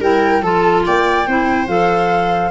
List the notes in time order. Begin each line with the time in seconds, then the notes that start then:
0.00 G3 E4 A#4 G5
0.42 F3 F4 A4 A5
0.86 A#3 D5 G5
1.27 C4 E4 C5
1.68 F3 A4 F5